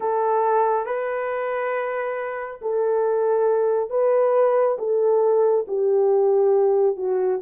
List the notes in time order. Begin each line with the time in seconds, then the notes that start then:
0.00 A4
0.86 B4
2.61 A4
3.90 B4
4.78 A4
5.67 G4
6.96 F#4